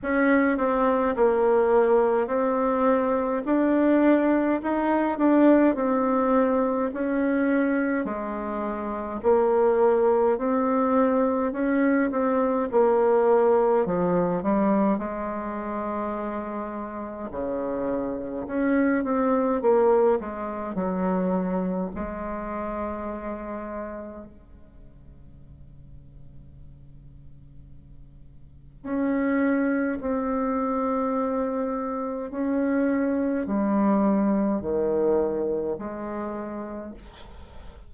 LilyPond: \new Staff \with { instrumentName = "bassoon" } { \time 4/4 \tempo 4 = 52 cis'8 c'8 ais4 c'4 d'4 | dis'8 d'8 c'4 cis'4 gis4 | ais4 c'4 cis'8 c'8 ais4 | f8 g8 gis2 cis4 |
cis'8 c'8 ais8 gis8 fis4 gis4~ | gis4 cis2.~ | cis4 cis'4 c'2 | cis'4 g4 dis4 gis4 | }